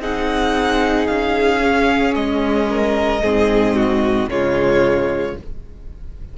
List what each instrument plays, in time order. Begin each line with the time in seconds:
0.00 cello C4, viola D#4, violin G#4 F#5
1.07 cello C#4, violin F5
1.61 viola C#4
2.15 cello G#3, violin D#5
2.70 violin A#4
3.22 cello G#2, viola C4, violin G#4
3.76 violin F#4
4.27 cello C#3, viola G#3, violin F4 C#5